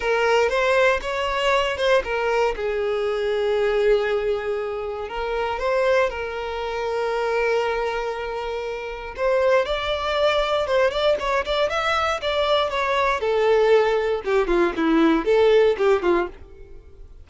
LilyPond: \new Staff \with { instrumentName = "violin" } { \time 4/4 \tempo 4 = 118 ais'4 c''4 cis''4. c''8 | ais'4 gis'2.~ | gis'2 ais'4 c''4 | ais'1~ |
ais'2 c''4 d''4~ | d''4 c''8 d''8 cis''8 d''8 e''4 | d''4 cis''4 a'2 | g'8 f'8 e'4 a'4 g'8 f'8 | }